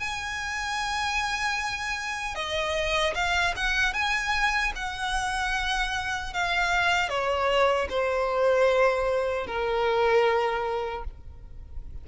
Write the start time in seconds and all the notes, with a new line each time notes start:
0.00 G#5
2.35 D#5
3.15 F5
3.57 F#5
3.94 G#5
4.76 F#5
6.34 F5
7.09 C#5
7.90 C5
9.47 A#4